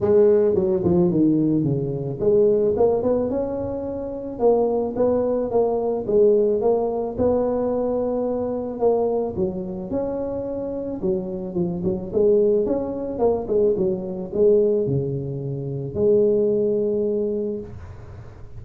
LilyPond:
\new Staff \with { instrumentName = "tuba" } { \time 4/4 \tempo 4 = 109 gis4 fis8 f8 dis4 cis4 | gis4 ais8 b8 cis'2 | ais4 b4 ais4 gis4 | ais4 b2. |
ais4 fis4 cis'2 | fis4 f8 fis8 gis4 cis'4 | ais8 gis8 fis4 gis4 cis4~ | cis4 gis2. | }